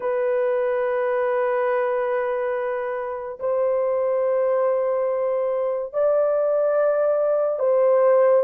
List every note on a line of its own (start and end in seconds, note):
0.00 3.38 B4
3.39 5.93 C5
5.93 7.59 D5
7.59 8.43 C5